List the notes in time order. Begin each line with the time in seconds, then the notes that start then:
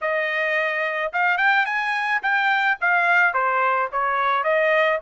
0.01 D#5
1.12 F5
1.37 G5
1.65 G#5
2.22 G5
2.81 F5
3.33 C5
3.91 C#5
4.43 D#5